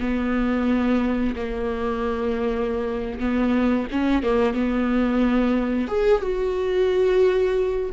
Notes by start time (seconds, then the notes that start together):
0.00 B3
1.35 A#3
3.20 B3
3.92 C#4
4.23 A#3
4.54 B3
5.88 G#4
6.22 F#4